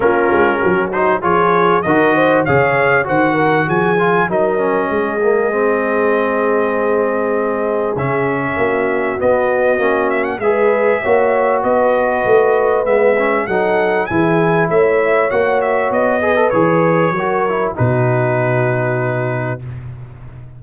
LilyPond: <<
  \new Staff \with { instrumentName = "trumpet" } { \time 4/4 \tempo 4 = 98 ais'4. c''8 cis''4 dis''4 | f''4 fis''4 gis''4 dis''4~ | dis''1~ | dis''4 e''2 dis''4~ |
dis''8 e''16 fis''16 e''2 dis''4~ | dis''4 e''4 fis''4 gis''4 | e''4 fis''8 e''8 dis''4 cis''4~ | cis''4 b'2. | }
  \new Staff \with { instrumentName = "horn" } { \time 4/4 f'4 fis'4 gis'4 ais'8 c''8 | cis''4 c''8 ais'8 gis'4 ais'4 | gis'1~ | gis'2 fis'2~ |
fis'4 b'4 cis''4 b'4~ | b'2 a'4 gis'4 | cis''2~ cis''8 b'4. | ais'4 fis'2. | }
  \new Staff \with { instrumentName = "trombone" } { \time 4/4 cis'4. dis'8 f'4 fis'4 | gis'4 fis'4. f'8 dis'8 cis'8~ | cis'8 ais8 c'2.~ | c'4 cis'2 b4 |
cis'4 gis'4 fis'2~ | fis'4 b8 cis'8 dis'4 e'4~ | e'4 fis'4. gis'16 a'16 gis'4 | fis'8 e'8 dis'2. | }
  \new Staff \with { instrumentName = "tuba" } { \time 4/4 ais8 gis8 fis4 f4 dis4 | cis4 dis4 f4 fis4 | gis1~ | gis4 cis4 ais4 b4 |
ais4 gis4 ais4 b4 | a4 gis4 fis4 e4 | a4 ais4 b4 e4 | fis4 b,2. | }
>>